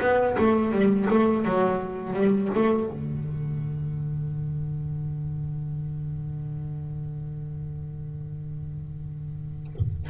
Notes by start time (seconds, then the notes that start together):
0.00 B3
0.37 A3
0.71 G3
1.09 A3
1.45 F#3
2.13 G3
2.55 A3
2.90 D3